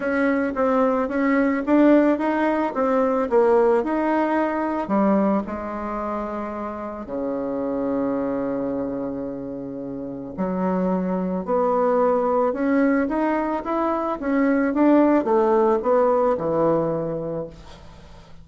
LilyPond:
\new Staff \with { instrumentName = "bassoon" } { \time 4/4 \tempo 4 = 110 cis'4 c'4 cis'4 d'4 | dis'4 c'4 ais4 dis'4~ | dis'4 g4 gis2~ | gis4 cis2.~ |
cis2. fis4~ | fis4 b2 cis'4 | dis'4 e'4 cis'4 d'4 | a4 b4 e2 | }